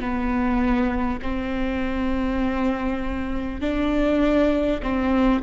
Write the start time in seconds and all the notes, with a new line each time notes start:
0.00 B3
1.23 C4
3.61 D4
4.83 C4